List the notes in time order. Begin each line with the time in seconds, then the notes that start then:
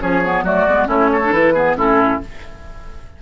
0.00 F3 C#4 G#4 C#5
0.24 B3
0.42 F#3 A3 F#4 D5
0.67 G#3 B3
0.86 A3 C#4 E4 C#5
1.12 A4
1.25 D4
1.31 E3 E4 B4
1.54 B3 G#4
1.75 A2 C#4 E4 A4